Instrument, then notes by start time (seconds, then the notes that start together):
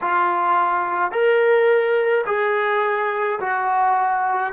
trombone
0.01 F4
1.11 A#4
2.26 G#4
3.40 F#4